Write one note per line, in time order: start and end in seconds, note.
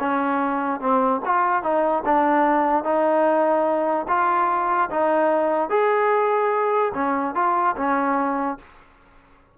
0.00 0.81 C#4
0.81 1.22 C4
1.26 1.63 F4
1.63 2.04 D#4
2.05 2.84 D4
2.84 4.07 D#4
4.08 4.90 F4
4.91 5.70 D#4
5.70 6.92 G#4
6.94 7.35 C#4
7.35 7.76 F4
7.77 8.58 C#4